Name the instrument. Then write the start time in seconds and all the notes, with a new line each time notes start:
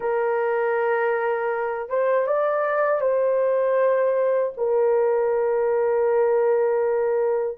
horn
0.00 A#4
1.89 C5
2.26 D5
3.00 C5
4.57 A#4